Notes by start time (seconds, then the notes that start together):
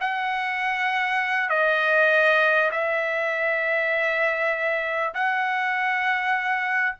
0.00 F#5
1.49 D#5
2.71 E5
5.14 F#5